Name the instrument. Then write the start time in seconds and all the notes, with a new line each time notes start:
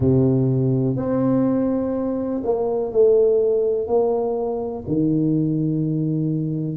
tuba
0.00 C3
0.96 C4
2.43 A#3
2.91 A3
3.87 A#3
4.87 D#3